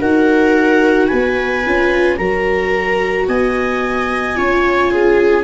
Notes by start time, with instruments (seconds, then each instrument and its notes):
0.00 tuba D#4, viola F#4 A#4, clarinet F#5
1.07 tuba B3, viola B4, clarinet G#5
1.65 tuba C#4, viola F4
2.17 tuba F#3, viola F#4 A#4, clarinet A#5
3.27 tuba B3, viola D#5, clarinet G#5
4.35 tuba C#4, viola F4 C#5
4.91 viola G#4